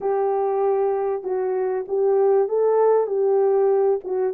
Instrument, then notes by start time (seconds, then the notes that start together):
horn
0.00 G4
1.23 F#4
1.88 G4
2.48 A4
3.06 G4
4.04 F#4